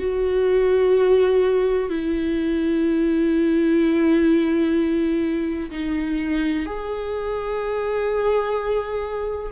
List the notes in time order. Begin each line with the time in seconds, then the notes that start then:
0.00 F#4
1.90 E4
5.71 D#4
6.66 G#4